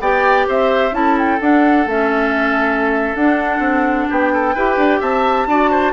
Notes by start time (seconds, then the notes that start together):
0.00 B3 G4 D5 G5
0.48 C4 C5 E5
0.91 C#4 E4 A5
0.98 A4
1.18 G5
1.41 D4 F#5
1.86 A3 C#4 E5
3.15 D4 F#5
3.59 C4
4.09 B3 G4 G5
4.33 A4
4.55 E4 G4 B4
4.77 D4
5.00 C4 E5 A5
5.46 D4 F#4 D5
5.71 C5